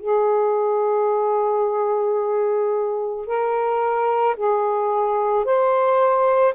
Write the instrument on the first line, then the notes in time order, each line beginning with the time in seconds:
saxophone
0.00 G#4
3.27 A#4
4.37 G#4
5.45 C5